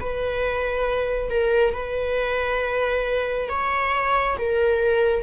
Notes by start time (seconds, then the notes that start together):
0.00 B4
1.30 A#4
1.74 B4
3.49 C#5
4.38 A#4